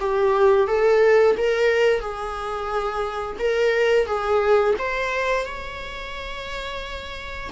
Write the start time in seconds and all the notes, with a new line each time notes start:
0.00 G4
0.68 A4
1.38 A#4
2.01 G#4
3.39 A#4
4.06 G#4
4.79 C5
5.46 C#5